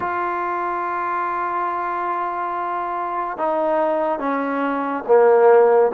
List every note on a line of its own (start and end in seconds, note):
0.00 3.37 F4
3.37 4.19 D#4
4.19 5.03 C#4
5.07 5.92 A#3